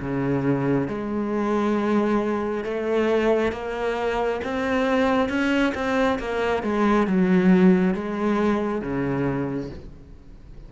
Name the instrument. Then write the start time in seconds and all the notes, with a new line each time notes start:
cello
0.00 C#3
0.87 G#3
2.64 A3
3.52 A#3
4.44 C4
5.29 C#4
5.74 C4
6.18 A#3
6.63 G#3
7.07 F#3
7.94 G#3
8.81 C#3